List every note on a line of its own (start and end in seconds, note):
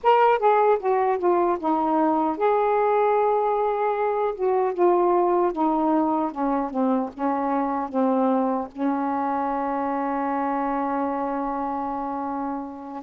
0.03 0.38 A#4
0.38 0.78 G#4
0.79 1.18 F#4
1.18 1.58 F4
1.59 2.37 D#4
2.37 4.34 G#4
4.34 4.73 F#4
4.73 5.52 F4
5.52 6.31 D#4
6.31 6.70 C#4
6.70 7.09 C4
7.13 7.88 C#4
7.88 8.67 C4
8.72 13.03 C#4